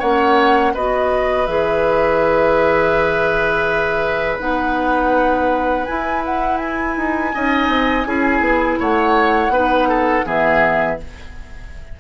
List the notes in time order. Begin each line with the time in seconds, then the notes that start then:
0.00 A#3 C#4 C#5 F#5
0.74 B3 F#4 B4 D#5
1.47 E3 G#4 E5
4.40 B3 D#4 F#5
5.86 E4 G#5
6.26 F#5
6.58 G#5
6.97 D#4
7.34 C#4 D#4 D#5
7.69 C4
8.06 C#4 E4 G#4
8.41 B3
8.80 A3 C#5 F#5
9.50 B3 D#4 B4
9.89 A4
10.25 E3 B3 G#4 E5